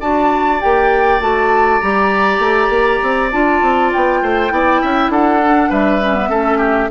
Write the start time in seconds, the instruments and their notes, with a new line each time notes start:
0.00 bassoon D4, clarinet F#4, oboe D5, flute A5
0.60 bassoon A#3, clarinet G4, flute G5
1.20 bassoon A3, clarinet F#4, flute A5
1.80 bassoon G3, clarinet G4, flute A#5
2.38 bassoon A3
2.69 bassoon A#3
3.02 bassoon C4
3.32 bassoon D4, clarinet F4, flute A5
3.62 bassoon C4
3.92 bassoon B3, flute G5
4.22 bassoon A3, oboe C5
4.50 bassoon B3, clarinet E4, oboe D5
4.81 bassoon C#4, oboe E5
5.08 bassoon D4, oboe A4, flute F#5
5.43 clarinet D4
5.69 bassoon G3, oboe B4, flute E5
6.01 clarinet C#4
6.15 clarinet B3
6.29 bassoon A3, clarinet C#4, oboe A4
6.57 oboe G4